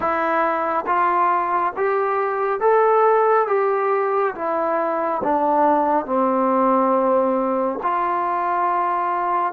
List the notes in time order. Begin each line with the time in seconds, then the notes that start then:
0.00 E4
0.86 F4
1.76 G4
2.60 A4
3.47 G4
4.34 E4
5.23 D4
6.05 C4
7.82 F4